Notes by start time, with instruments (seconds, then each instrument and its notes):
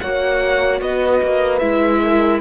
0.00 cello A#3, viola F#4, horn C#5, violin F#5
0.81 cello B3, horn B4, violin D#5
1.23 cello A#3
1.59 cello G#3, viola E4, violin E5
2.03 horn A#4